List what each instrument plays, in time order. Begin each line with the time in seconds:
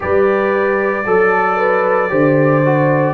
0.00 tuba G3, trombone G4, horn B4, trumpet D5
1.05 tuba F#3, horn A4, trombone A4
1.56 horn B4
2.09 tuba D3, trombone G4, horn C5
2.65 trombone F#4